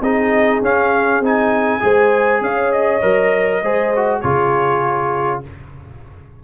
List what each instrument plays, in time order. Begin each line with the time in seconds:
0.00 tuba C4, trombone D#4, horn G#4, trumpet D#5
0.61 tuba C#4, trombone C#4, trumpet F5
1.20 tuba C4, trombone D#4, trumpet G#5
1.80 tuba G#3, trombone G#4, horn C5
2.40 tuba C#4, horn C#5, trumpet F5
2.71 trumpet D#5
3.01 tuba F#3, trombone A#4
3.62 tuba G#3, trombone G#4, horn C5
3.96 trombone F#4
4.20 tuba C#3, trombone F4, horn G#4, trumpet C#5